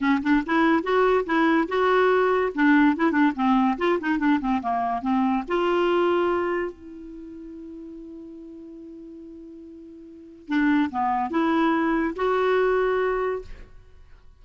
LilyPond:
\new Staff \with { instrumentName = "clarinet" } { \time 4/4 \tempo 4 = 143 cis'8 d'8 e'4 fis'4 e'4 | fis'2 d'4 e'8 d'8 | c'4 f'8 dis'8 d'8 c'8 ais4 | c'4 f'2. |
e'1~ | e'1~ | e'4 d'4 b4 e'4~ | e'4 fis'2. | }